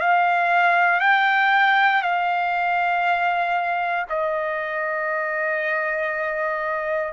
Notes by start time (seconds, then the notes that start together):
0.00 F5
1.00 G5
2.02 F5
4.09 D#5